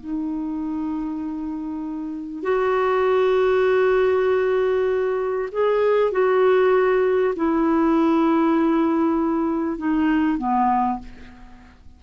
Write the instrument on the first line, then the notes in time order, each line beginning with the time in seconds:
clarinet
0.00 D#4
2.43 F#4
5.52 G#4
6.12 F#4
7.36 E4
9.78 D#4
10.38 B3